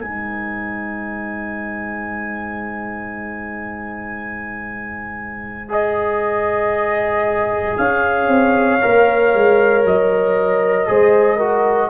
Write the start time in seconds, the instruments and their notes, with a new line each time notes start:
0.00 tuba G#3, trombone D#4, horn C5, trumpet G#5
5.69 trombone G#4, trumpet D#5
7.78 tuba C#4, horn C#5, trumpet F5
8.28 tuba C4
8.82 tuba A#3, trombone A#4
9.34 tuba G#3
9.85 tuba F#3, trumpet D#5
10.87 tuba G#3, trombone G#4, horn C5
11.37 trombone F#4, horn A#4